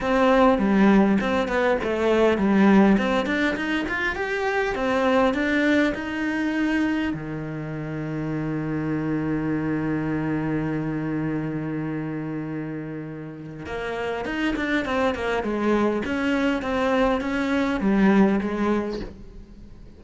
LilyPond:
\new Staff \with { instrumentName = "cello" } { \time 4/4 \tempo 4 = 101 c'4 g4 c'8 b8 a4 | g4 c'8 d'8 dis'8 f'8 g'4 | c'4 d'4 dis'2 | dis1~ |
dis1~ | dis2. ais4 | dis'8 d'8 c'8 ais8 gis4 cis'4 | c'4 cis'4 g4 gis4 | }